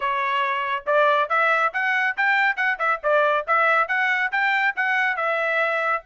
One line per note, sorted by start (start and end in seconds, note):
0.00 0.84 C#5
0.86 1.29 D5
1.29 1.72 E5
1.73 2.16 F#5
2.16 2.56 G5
2.56 2.78 F#5
2.78 3.00 E5
3.03 3.46 D5
3.47 3.88 E5
3.88 4.31 F#5
4.31 4.75 G5
4.76 5.16 F#5
5.16 6.02 E5